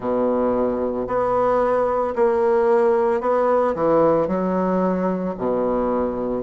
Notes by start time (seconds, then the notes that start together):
0.00 B2
1.07 B3
2.15 A#3
3.20 B3
3.75 E3
4.27 F#3
5.37 B2